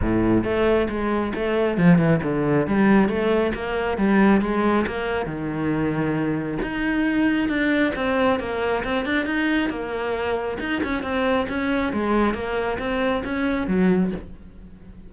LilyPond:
\new Staff \with { instrumentName = "cello" } { \time 4/4 \tempo 4 = 136 a,4 a4 gis4 a4 | f8 e8 d4 g4 a4 | ais4 g4 gis4 ais4 | dis2. dis'4~ |
dis'4 d'4 c'4 ais4 | c'8 d'8 dis'4 ais2 | dis'8 cis'8 c'4 cis'4 gis4 | ais4 c'4 cis'4 fis4 | }